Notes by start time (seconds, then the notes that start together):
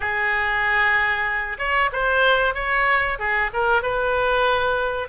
0.00 G#4
1.58 C#5
1.92 C5
2.54 C#5
3.19 G#4
3.53 A#4
3.82 B4